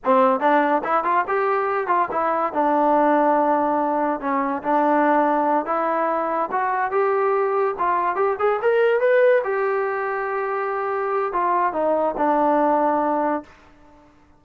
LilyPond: \new Staff \with { instrumentName = "trombone" } { \time 4/4 \tempo 4 = 143 c'4 d'4 e'8 f'8 g'4~ | g'8 f'8 e'4 d'2~ | d'2 cis'4 d'4~ | d'4. e'2 fis'8~ |
fis'8 g'2 f'4 g'8 | gis'8 ais'4 b'4 g'4.~ | g'2. f'4 | dis'4 d'2. | }